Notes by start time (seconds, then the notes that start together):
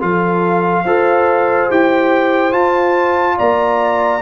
0.00 F3 F4 A4 F5
0.84 F4 A4 C5
1.70 E4 G4 G5
2.51 F4 A5
3.37 A#3 D5 A#5